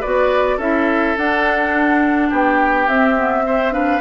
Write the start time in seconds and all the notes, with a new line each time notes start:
0.00 B3 F#4 B4 D5
0.57 C#4 E4 A4 E5
1.17 D4 F#5
2.29 B3 G4 G5
2.87 C4 E5
3.16 B3
3.46 C4 C5
3.71 D4 B4 F5